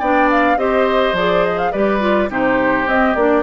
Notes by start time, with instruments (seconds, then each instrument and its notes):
0.00 bassoon B3, clarinet D4, oboe D5, flute G5
0.31 flute F5
0.57 bassoon C4, clarinet G4, oboe C5, flute D#5
1.13 bassoon F3, clarinet G#4, flute D5
1.45 flute D#5
1.59 flute F5
1.72 bassoon G3, clarinet G4, oboe B4, flute D5
2.01 clarinet F4
2.30 bassoon C3, clarinet D#4, oboe G4, flute C5
2.87 bassoon C4, clarinet C4, flute D#5
3.15 bassoon A#3, clarinet D4, flute D5